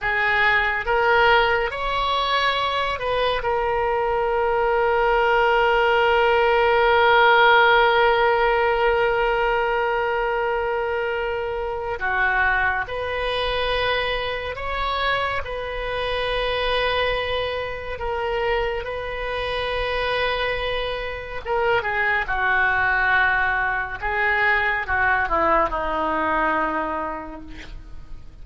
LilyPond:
\new Staff \with { instrumentName = "oboe" } { \time 4/4 \tempo 4 = 70 gis'4 ais'4 cis''4. b'8 | ais'1~ | ais'1~ | ais'2 fis'4 b'4~ |
b'4 cis''4 b'2~ | b'4 ais'4 b'2~ | b'4 ais'8 gis'8 fis'2 | gis'4 fis'8 e'8 dis'2 | }